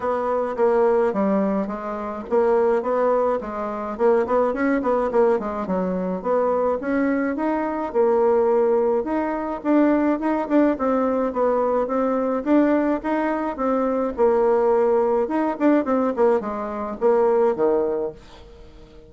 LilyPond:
\new Staff \with { instrumentName = "bassoon" } { \time 4/4 \tempo 4 = 106 b4 ais4 g4 gis4 | ais4 b4 gis4 ais8 b8 | cis'8 b8 ais8 gis8 fis4 b4 | cis'4 dis'4 ais2 |
dis'4 d'4 dis'8 d'8 c'4 | b4 c'4 d'4 dis'4 | c'4 ais2 dis'8 d'8 | c'8 ais8 gis4 ais4 dis4 | }